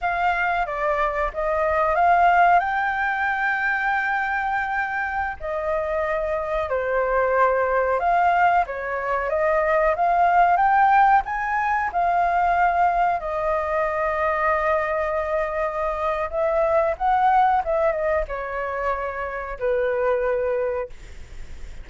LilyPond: \new Staff \with { instrumentName = "flute" } { \time 4/4 \tempo 4 = 92 f''4 d''4 dis''4 f''4 | g''1~ | g''16 dis''2 c''4.~ c''16~ | c''16 f''4 cis''4 dis''4 f''8.~ |
f''16 g''4 gis''4 f''4.~ f''16~ | f''16 dis''2.~ dis''8.~ | dis''4 e''4 fis''4 e''8 dis''8 | cis''2 b'2 | }